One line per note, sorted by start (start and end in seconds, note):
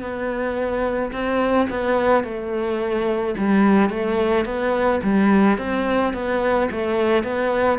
0.00 1.11 B3
1.12 1.68 C4
1.69 2.24 B3
2.24 3.35 A3
3.37 3.89 G3
3.89 4.45 A3
4.45 5.01 B3
5.03 5.58 G3
5.58 6.13 C4
6.13 6.69 B3
6.71 7.23 A3
7.23 7.79 B3